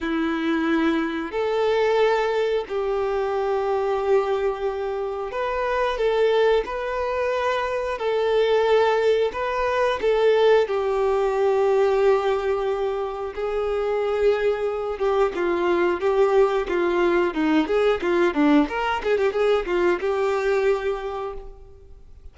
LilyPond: \new Staff \with { instrumentName = "violin" } { \time 4/4 \tempo 4 = 90 e'2 a'2 | g'1 | b'4 a'4 b'2 | a'2 b'4 a'4 |
g'1 | gis'2~ gis'8 g'8 f'4 | g'4 f'4 dis'8 gis'8 f'8 d'8 | ais'8 gis'16 g'16 gis'8 f'8 g'2 | }